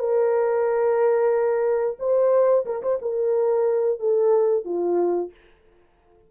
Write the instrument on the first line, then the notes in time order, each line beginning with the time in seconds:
horn
0.00 A#4
2.00 C5
2.66 A#4
2.83 C5
3.02 A#4
4.00 A4
4.65 F4